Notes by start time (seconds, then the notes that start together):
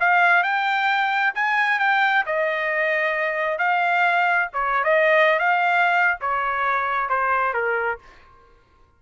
0.00 F5
0.43 G5
1.35 G#5
1.79 G5
2.26 D#5
3.58 F5
4.53 C#5
4.84 D#5
5.39 F5
6.21 C#5
7.09 C5
7.53 A#4